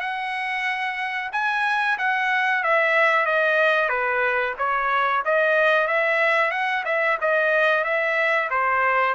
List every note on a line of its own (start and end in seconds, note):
0.00 1.30 F#5
1.32 1.97 G#5
1.98 2.63 F#5
2.63 3.25 E5
3.25 3.89 D#5
3.89 4.54 B4
4.58 5.23 C#5
5.25 5.87 D#5
5.87 6.51 E5
6.51 6.84 F#5
6.85 7.17 E5
7.21 7.84 D#5
7.84 8.49 E5
8.50 9.15 C5